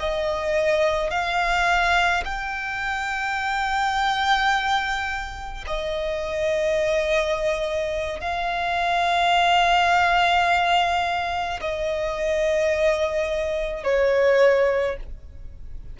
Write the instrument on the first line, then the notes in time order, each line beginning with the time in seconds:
violin
0.00 D#5
1.11 F5
2.25 G5
5.68 D#5
8.21 F5
11.61 D#5
13.84 C#5